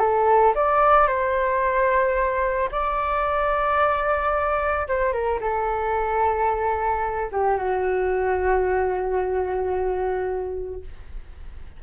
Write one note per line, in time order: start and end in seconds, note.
0.00 0.54 A4
0.55 1.08 D5
1.08 2.70 C5
2.72 4.88 D5
4.88 5.13 C5
5.13 5.40 A#4
5.41 7.30 A4
7.32 7.58 G4
7.58 10.82 F#4